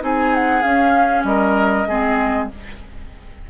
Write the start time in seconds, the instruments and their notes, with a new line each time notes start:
0.00 bassoon C4, clarinet D#4, oboe G#4, flute G#5
0.34 flute F#5
0.62 bassoon C#4, clarinet C#4, flute F5
1.23 bassoon G3, oboe A#4, flute D#5
1.88 bassoon G#3, clarinet C4, oboe G#4